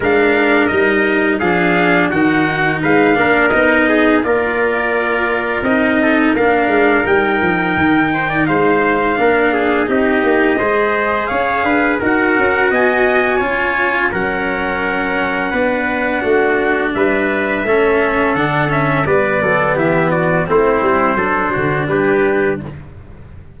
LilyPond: <<
  \new Staff \with { instrumentName = "trumpet" } { \time 4/4 \tempo 4 = 85 f''4 dis''4 f''4 fis''4 | f''4 dis''4 d''2 | dis''4 f''4 g''2 | f''2 dis''2 |
f''4 fis''4 gis''2 | fis''1 | e''2 fis''8 e''8 d''4 | e''8 d''8 c''2 b'4 | }
  \new Staff \with { instrumentName = "trumpet" } { \time 4/4 ais'2 gis'4 fis'4 | b'8 ais'4 gis'8 ais'2~ | ais'8 a'8 ais'2~ ais'8 c''16 d''16 | c''4 ais'8 gis'8 g'4 c''4 |
cis''8 b'8 ais'4 dis''4 cis''4 | ais'2 b'4 fis'4 | b'4 a'2 b'8 a'8 | g'8 fis'8 e'4 a'8 fis'8 g'4 | }
  \new Staff \with { instrumentName = "cello" } { \time 4/4 d'4 dis'4 d'4 dis'4~ | dis'8 d'8 dis'4 f'2 | dis'4 d'4 dis'2~ | dis'4 d'4 dis'4 gis'4~ |
gis'4 fis'2 f'4 | cis'2 d'2~ | d'4 cis'4 d'8 cis'8 b4~ | b4 c'4 d'2 | }
  \new Staff \with { instrumentName = "tuba" } { \time 4/4 gis4 g4 f4 dis4 | gis8 ais8 b4 ais2 | c'4 ais8 gis8 g8 f8 dis4 | gis4 ais4 c'8 ais8 gis4 |
cis'8 d'8 dis'8 cis'8 b4 cis'4 | fis2 b4 a4 | g4 a4 d4 g8 fis8 | e4 a8 g8 fis8 d8 g4 | }
>>